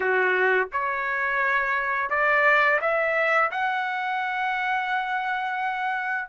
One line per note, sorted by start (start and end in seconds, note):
0.00 0.68 F#4
0.72 2.09 C#5
2.09 2.79 D5
2.81 3.51 E5
3.51 6.29 F#5